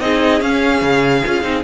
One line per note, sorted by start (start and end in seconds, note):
0.00 0.41 C4
0.00 0.41 D#4
0.00 1.64 G#4
0.00 0.41 D#5
0.41 0.82 C#4
0.41 1.23 C#4
0.41 1.64 F5
0.82 1.23 C#3
1.25 1.43 C#4
1.25 1.43 F4
1.43 1.63 C4
1.43 1.63 D#4